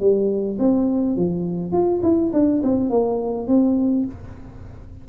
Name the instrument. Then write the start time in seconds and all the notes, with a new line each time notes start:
tuba
0.00 G3
0.59 C4
1.16 F3
1.73 F4
2.03 E4
2.33 D4
2.63 C4
2.90 A#3
3.48 C4